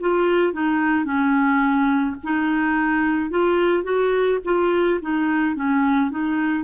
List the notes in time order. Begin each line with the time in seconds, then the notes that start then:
0.00 F4
0.53 D#4
1.05 C#4
2.23 D#4
3.30 F4
3.83 F#4
4.44 F4
5.02 D#4
5.55 C#4
6.11 D#4